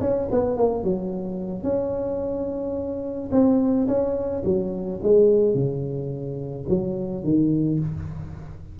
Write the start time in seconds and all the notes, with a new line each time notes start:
0.00 C#4
0.31 B3
0.56 A#3
0.83 F#3
1.63 C#4
3.31 C4
3.87 C#4
4.44 F#3
5.02 G#3
5.54 C#3
6.68 F#3
7.23 D#3